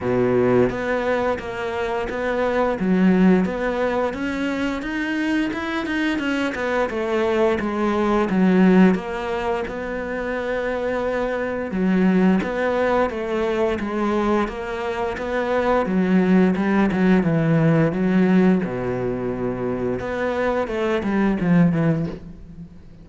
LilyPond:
\new Staff \with { instrumentName = "cello" } { \time 4/4 \tempo 4 = 87 b,4 b4 ais4 b4 | fis4 b4 cis'4 dis'4 | e'8 dis'8 cis'8 b8 a4 gis4 | fis4 ais4 b2~ |
b4 fis4 b4 a4 | gis4 ais4 b4 fis4 | g8 fis8 e4 fis4 b,4~ | b,4 b4 a8 g8 f8 e8 | }